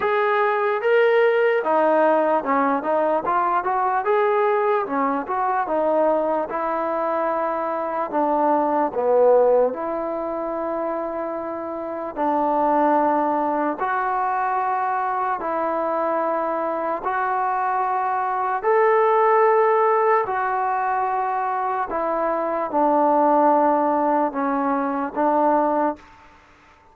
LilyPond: \new Staff \with { instrumentName = "trombone" } { \time 4/4 \tempo 4 = 74 gis'4 ais'4 dis'4 cis'8 dis'8 | f'8 fis'8 gis'4 cis'8 fis'8 dis'4 | e'2 d'4 b4 | e'2. d'4~ |
d'4 fis'2 e'4~ | e'4 fis'2 a'4~ | a'4 fis'2 e'4 | d'2 cis'4 d'4 | }